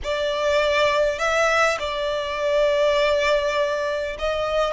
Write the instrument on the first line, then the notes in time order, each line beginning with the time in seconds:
violin
0.03 D5
1.18 E5
1.79 D5
4.19 D#5